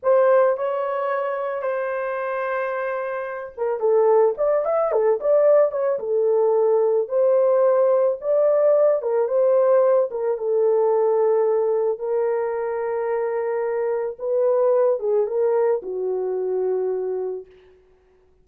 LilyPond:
\new Staff \with { instrumentName = "horn" } { \time 4/4 \tempo 4 = 110 c''4 cis''2 c''4~ | c''2~ c''8 ais'8 a'4 | d''8 e''8 a'8 d''4 cis''8 a'4~ | a'4 c''2 d''4~ |
d''8 ais'8 c''4. ais'8 a'4~ | a'2 ais'2~ | ais'2 b'4. gis'8 | ais'4 fis'2. | }